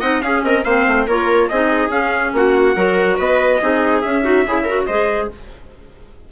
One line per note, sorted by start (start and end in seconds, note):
0.00 0.22 C4
0.00 0.21 D#4
0.00 0.21 D#5
0.00 0.21 F#5
0.21 0.64 C#4
0.21 0.43 C#4
0.21 0.45 G#4
0.21 0.42 F5
0.43 0.64 C4
0.43 0.65 A#4
0.43 0.63 D#5
0.63 0.86 A#3
0.63 1.08 C4
0.63 1.07 C5
0.63 1.06 F5
0.87 1.07 A3
1.07 1.49 A#3
1.07 1.51 F4
1.07 1.49 A#4
1.07 1.48 C#5
1.48 1.88 C4
1.48 1.90 D#4
1.48 2.34 G#4
1.48 1.90 D#5
1.88 2.31 C#4
1.88 2.74 C#4
1.88 2.33 F5
2.33 2.75 A#3
2.33 2.76 F#4
2.33 3.20 F#5
2.76 3.18 F#3
2.76 3.60 F#4
2.76 3.17 A#4
3.17 3.61 B3
3.17 3.59 B4
3.17 4.01 D#5
3.60 4.03 C4
3.60 4.02 D#4
3.60 4.24 G#4
4.01 4.46 C#4
4.01 4.22 C#4
4.01 4.85 E5
4.22 4.43 D#4
4.22 4.45 F#4
4.46 4.87 C#3
4.46 4.68 E4
4.46 4.63 G#4
4.63 4.89 F#4
4.63 4.85 A#4
4.86 5.30 G#3
4.86 5.31 G#4
4.86 5.29 C5
4.86 5.28 D#5